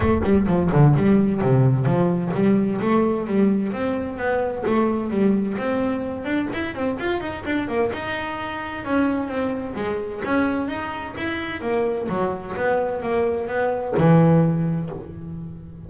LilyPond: \new Staff \with { instrumentName = "double bass" } { \time 4/4 \tempo 4 = 129 a8 g8 f8 d8 g4 c4 | f4 g4 a4 g4 | c'4 b4 a4 g4 | c'4. d'8 e'8 c'8 f'8 dis'8 |
d'8 ais8 dis'2 cis'4 | c'4 gis4 cis'4 dis'4 | e'4 ais4 fis4 b4 | ais4 b4 e2 | }